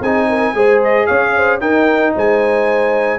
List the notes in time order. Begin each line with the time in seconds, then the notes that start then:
0.00 C4 D#4 G#4 G#5
0.28 A#4
0.53 G#3 G#4 C5
0.83 D#5
1.06 C#4 C#5 F5
1.36 C5
1.60 D#4 A#4 G5
2.15 G#3 C5 G#5